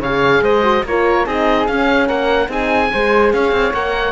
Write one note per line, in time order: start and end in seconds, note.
0.00 0.41 C#3
0.00 0.64 G#4
0.00 0.42 C#5
0.00 0.44 F5
0.42 0.83 G#3
0.42 0.85 C5
0.42 0.85 D#5
0.64 0.85 F#4
0.84 1.25 A#3
0.84 1.27 F4
0.84 1.26 A#4
0.84 1.27 C#5
1.26 1.68 C4
1.26 1.68 D#4
1.26 2.07 G#4
1.26 1.67 D#5
1.67 2.48 C#4
1.67 2.10 C#4
1.67 2.08 F5
2.07 2.49 A#3
2.07 2.48 A#4
2.07 2.50 F#5
2.48 2.90 C4
2.48 2.89 D#4
2.48 2.92 G#4
2.48 3.33 G#5
2.93 3.33 G#3
2.93 3.73 G#4
2.93 3.35 C5
3.33 3.52 C#4
3.33 4.12 C#5
3.33 3.74 F5
3.52 3.72 C4
3.73 4.12 A#3
3.73 4.12 A#4
3.73 4.12 F#5